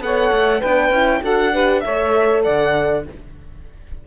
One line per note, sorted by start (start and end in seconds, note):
0.00 0.30 B3
0.00 0.61 A4
0.00 0.59 C#5
0.00 0.61 F#5
0.32 0.62 A3
0.59 0.90 B3
0.59 0.93 D4
0.59 1.19 B4
0.59 1.22 G5
0.90 1.20 C#4
0.90 1.22 E4
1.22 1.83 D4
1.22 1.53 F#4
1.22 1.52 A4
1.22 1.80 F#5
1.52 1.83 G4
1.52 1.83 B4
1.80 2.46 A3
1.80 3.06 A4
1.80 2.43 C#5
1.80 2.41 E5
2.43 3.07 D3
2.43 3.03 D5
2.43 3.04 F#5